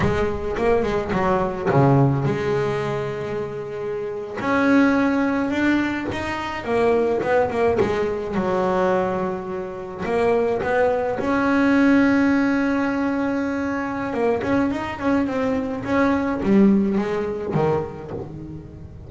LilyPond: \new Staff \with { instrumentName = "double bass" } { \time 4/4 \tempo 4 = 106 gis4 ais8 gis8 fis4 cis4 | gis2.~ gis8. cis'16~ | cis'4.~ cis'16 d'4 dis'4 ais16~ | ais8. b8 ais8 gis4 fis4~ fis16~ |
fis4.~ fis16 ais4 b4 cis'16~ | cis'1~ | cis'4 ais8 cis'8 dis'8 cis'8 c'4 | cis'4 g4 gis4 dis4 | }